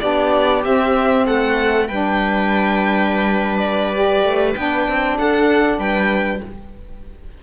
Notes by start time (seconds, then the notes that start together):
0.00 B3 D4 G4 D5
0.64 C4 E5
1.26 A3 A4 F#5
1.88 G3 D4 B4 G5
3.57 D5
3.93 G4
4.23 A3
4.55 B3 D4 G5
4.88 C4
5.18 D4 A4 F#5
5.78 G3 B4 G5